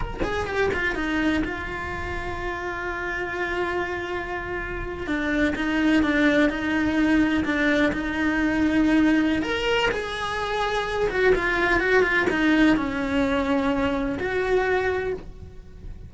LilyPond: \new Staff \with { instrumentName = "cello" } { \time 4/4 \tempo 4 = 127 ais'8 gis'8 g'8 f'8 dis'4 f'4~ | f'1~ | f'2~ f'8. d'4 dis'16~ | dis'8. d'4 dis'2 d'16~ |
d'8. dis'2.~ dis'16 | ais'4 gis'2~ gis'8 fis'8 | f'4 fis'8 f'8 dis'4 cis'4~ | cis'2 fis'2 | }